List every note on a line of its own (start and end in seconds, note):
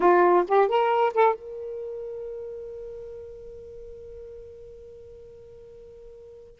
0.00 0.44 F4
0.47 0.68 G4
0.68 1.13 A#4
1.13 1.34 A4
1.34 6.60 A#4